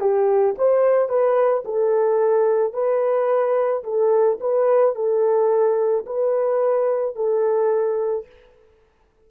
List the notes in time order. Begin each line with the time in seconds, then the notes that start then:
0.00 G4
0.58 C5
1.08 B4
1.65 A4
2.73 B4
3.83 A4
4.40 B4
4.95 A4
6.06 B4
7.15 A4